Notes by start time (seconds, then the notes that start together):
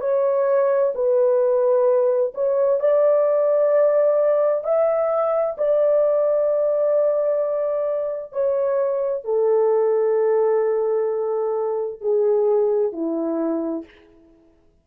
0.00 C#5
0.94 B4
2.34 C#5
2.79 D5
4.64 E5
5.57 D5
8.32 C#5
9.24 A4
12.00 G#4
12.92 E4